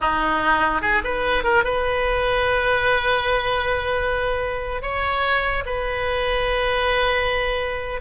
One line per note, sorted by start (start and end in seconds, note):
0.00 0.81 D#4
0.81 1.02 G#4
1.03 1.43 B4
1.43 1.64 A#4
1.64 4.82 B4
4.82 5.64 C#5
5.65 8.00 B4